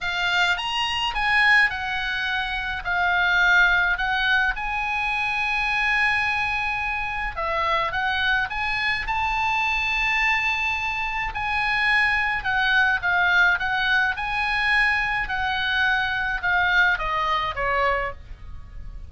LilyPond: \new Staff \with { instrumentName = "oboe" } { \time 4/4 \tempo 4 = 106 f''4 ais''4 gis''4 fis''4~ | fis''4 f''2 fis''4 | gis''1~ | gis''4 e''4 fis''4 gis''4 |
a''1 | gis''2 fis''4 f''4 | fis''4 gis''2 fis''4~ | fis''4 f''4 dis''4 cis''4 | }